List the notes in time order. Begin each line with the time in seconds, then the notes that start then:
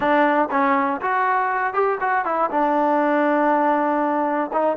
0.00 D4
0.50 C#4
1.01 F#4
1.73 G4
2.00 F#4
2.25 E4
2.50 D4
4.52 D#4